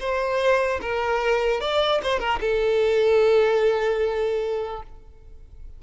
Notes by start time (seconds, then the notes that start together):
0.00 C5
0.82 A#4
1.61 D5
2.04 C5
2.20 A#4
2.41 A4